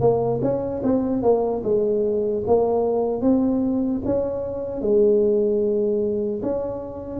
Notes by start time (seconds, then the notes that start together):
0.00 A#3
0.42 C#4
0.83 C4
1.22 A#3
1.64 G#3
2.47 A#3
3.21 C4
4.05 C#4
4.81 G#3
6.42 C#4